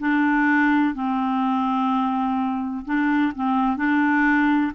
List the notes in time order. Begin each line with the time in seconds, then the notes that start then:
0.00 D4
0.95 C4
2.86 D4
3.35 C4
3.77 D4